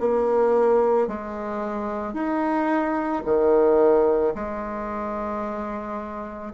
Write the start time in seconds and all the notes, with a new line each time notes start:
0.00 A#3
1.08 G#3
2.14 D#4
3.25 D#3
4.35 G#3